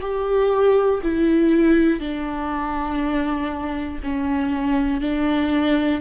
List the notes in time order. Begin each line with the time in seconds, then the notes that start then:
0.00 G4
1.02 E4
2.00 D4
4.03 C#4
5.00 D4